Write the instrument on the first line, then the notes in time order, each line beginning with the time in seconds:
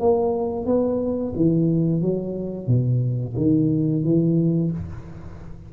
tuba
0.00 A#3
0.66 B3
1.36 E3
2.02 F#3
2.68 B2
3.37 D#3
4.04 E3